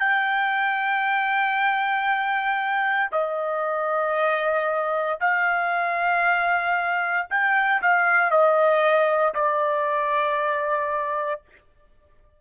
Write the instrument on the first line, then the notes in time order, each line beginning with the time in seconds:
trumpet
0.00 G5
3.12 D#5
5.21 F5
7.30 G5
7.82 F5
8.31 D#5
9.35 D5